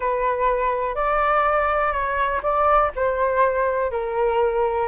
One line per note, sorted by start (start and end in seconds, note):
0.00 0.95 B4
0.95 1.92 D5
1.92 2.41 C#5
2.43 2.91 D5
2.95 3.91 C5
3.91 4.88 A#4